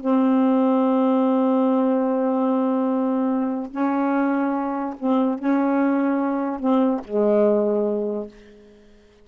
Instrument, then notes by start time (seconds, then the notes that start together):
saxophone
0.00 C4
3.71 C#4
4.99 C4
5.39 C#4
6.60 C4
7.05 G#3